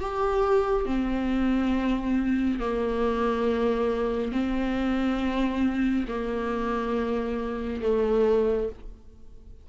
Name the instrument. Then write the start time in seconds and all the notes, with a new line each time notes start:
viola
0.00 G4
0.86 C4
2.60 A#3
4.32 C4
6.08 A#3
7.82 A3